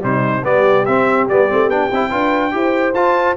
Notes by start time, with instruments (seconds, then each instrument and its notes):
0.00 tuba C3, trombone G3, horn D#4, trumpet C5
0.44 tuba G3, trombone B3, horn G4, trumpet D5
0.85 tuba C4, trombone C4, trumpet E5
1.28 tuba G3, trombone B3, trumpet D5
1.49 tuba A3, trombone C4
1.68 tuba B3, trombone D4, trumpet G5
1.91 tuba C4, trombone E4
2.10 tuba D4, trombone F4, horn B4
2.51 tuba E4, trombone G4, horn C5
2.94 tuba F4, trombone F4, trumpet A5